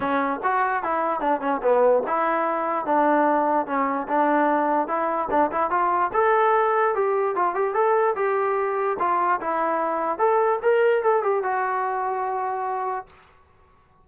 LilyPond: \new Staff \with { instrumentName = "trombone" } { \time 4/4 \tempo 4 = 147 cis'4 fis'4 e'4 d'8 cis'8 | b4 e'2 d'4~ | d'4 cis'4 d'2 | e'4 d'8 e'8 f'4 a'4~ |
a'4 g'4 f'8 g'8 a'4 | g'2 f'4 e'4~ | e'4 a'4 ais'4 a'8 g'8 | fis'1 | }